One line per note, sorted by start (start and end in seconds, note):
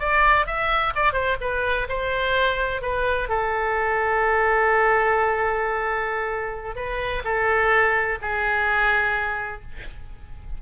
0.00 0.47 D5
0.47 0.94 E5
0.96 1.13 D5
1.13 1.37 C5
1.41 1.88 B4
1.89 2.82 C5
2.82 3.29 B4
3.29 6.76 A4
6.76 7.23 B4
7.25 8.19 A4
8.22 9.62 G#4